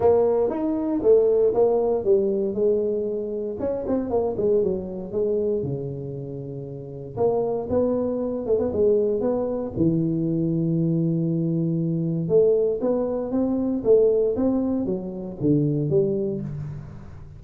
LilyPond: \new Staff \with { instrumentName = "tuba" } { \time 4/4 \tempo 4 = 117 ais4 dis'4 a4 ais4 | g4 gis2 cis'8 c'8 | ais8 gis8 fis4 gis4 cis4~ | cis2 ais4 b4~ |
b8 a16 b16 gis4 b4 e4~ | e1 | a4 b4 c'4 a4 | c'4 fis4 d4 g4 | }